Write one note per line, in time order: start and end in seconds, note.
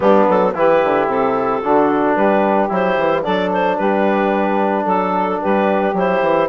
0.00 0.27 G3
0.00 0.53 B3
0.00 0.54 D4
0.00 0.27 G4
0.27 0.55 F#3
0.27 0.56 A4
0.54 0.82 E3
0.54 1.62 E4
0.54 1.62 G4
0.54 1.08 B4
0.84 1.07 D3
1.07 1.61 C3
1.07 2.15 A4
1.62 2.16 D3
1.62 2.69 D4
1.62 2.16 F#4
2.15 2.70 G3
2.15 3.22 G4
2.15 2.69 B4
2.69 2.97 F#3
2.69 3.23 E4
2.69 3.23 C5
2.97 3.24 E3
3.22 3.79 F#3
3.22 5.94 D4
3.22 3.76 A4
3.22 3.50 D5
3.52 3.77 C5
3.77 4.85 G3
3.77 4.83 G4
3.77 4.85 B4
4.83 5.39 F#3
4.83 5.37 A4
4.83 5.41 A4
5.40 5.93 G3
5.40 6.48 G4
5.40 5.96 B4
5.93 6.20 F#3
5.93 6.49 E4
5.93 6.49 C5
6.21 6.48 E3